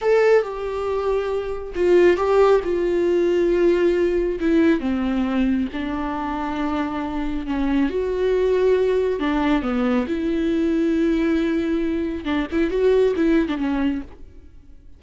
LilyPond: \new Staff \with { instrumentName = "viola" } { \time 4/4 \tempo 4 = 137 a'4 g'2. | f'4 g'4 f'2~ | f'2 e'4 c'4~ | c'4 d'2.~ |
d'4 cis'4 fis'2~ | fis'4 d'4 b4 e'4~ | e'1 | d'8 e'8 fis'4 e'8. d'16 cis'4 | }